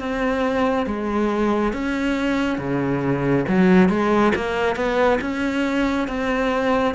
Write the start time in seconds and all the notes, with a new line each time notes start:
0.00 C4
0.86 G#3
1.73 C#4
2.58 C#3
3.48 F#3
3.89 G#3
4.35 A#3
4.75 B3
5.21 C#4
6.08 C4